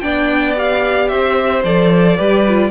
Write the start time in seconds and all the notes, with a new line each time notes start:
0.00 B3 D4 D5 G5
0.56 G4 F5
1.08 C4 C5 E5
1.64 F3 A4 D5
2.17 G3 G4 B4
2.47 F4